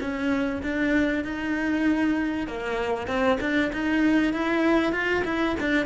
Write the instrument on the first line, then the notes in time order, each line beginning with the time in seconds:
cello
0.00 C#4
0.62 D4
1.24 D#4
2.47 A#3
3.07 C4
3.40 D4
3.73 D#4
4.33 E4
4.92 F4
5.24 E4
5.60 D4